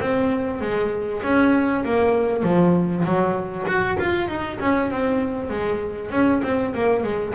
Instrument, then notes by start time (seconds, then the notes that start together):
double bass
0.00 C4
0.61 G#3
1.23 C#4
1.84 A#3
2.43 F3
3.04 F#3
3.66 F#4
3.99 F4
4.28 D#4
4.60 C#4
4.90 C4
5.50 G#3
6.10 C#4
6.43 C4
6.74 A#3
7.03 G#3